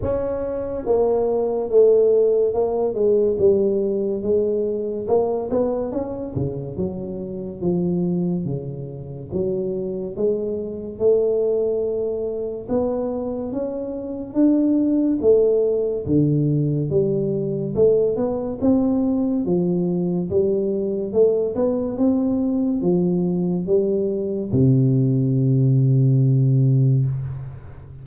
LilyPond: \new Staff \with { instrumentName = "tuba" } { \time 4/4 \tempo 4 = 71 cis'4 ais4 a4 ais8 gis8 | g4 gis4 ais8 b8 cis'8 cis8 | fis4 f4 cis4 fis4 | gis4 a2 b4 |
cis'4 d'4 a4 d4 | g4 a8 b8 c'4 f4 | g4 a8 b8 c'4 f4 | g4 c2. | }